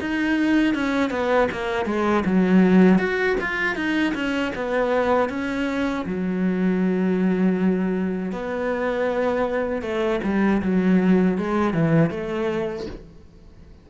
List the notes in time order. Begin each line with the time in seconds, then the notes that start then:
0.00 D#4
0.74 C#4
1.10 B3
1.51 A#3
1.85 G#3
2.25 F#3
2.98 F#4
3.40 F4
3.75 D#4
4.14 C#4
4.55 B3
5.29 C#4
6.06 F#3
8.32 B3
9.82 A3
10.23 G3
10.62 F#3
11.38 G#3
11.73 E3
12.10 A3